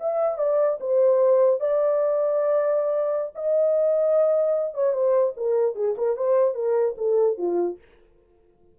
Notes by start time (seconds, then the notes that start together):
0.00 E5
0.38 D5
0.81 C5
1.61 D5
3.35 D#5
4.75 C#5
4.93 C5
5.37 A#4
5.76 G#4
5.98 A#4
6.17 C5
6.55 A#4
6.98 A4
7.38 F4